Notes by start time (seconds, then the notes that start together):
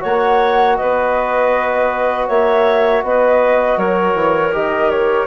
0.00 A#3 F#4 C#5 F#5
0.77 B3 B4 D#5
2.28 A#3 C#5 E5
3.03 B3 B4 D#5
3.77 F#3 A#4 C#5
4.15 E3
4.53 D#3 G4 D#5
4.90 C#5